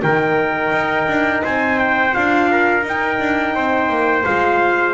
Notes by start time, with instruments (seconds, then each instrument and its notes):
0.00 double bass D#3, horn D#4, trumpet A#4 G5
0.71 double bass D#4
1.07 double bass D4
1.43 double bass C4, trumpet C5 G#5
1.79 trumpet G5
2.12 double bass D4, horn F4, trumpet F5
2.51 trumpet A#4
2.83 double bass D#4, horn D#4, trumpet G5
3.19 double bass D4
3.54 double bass C4, trumpet C5
3.89 double bass A#3
4.25 double bass G#3, horn F4, trumpet F5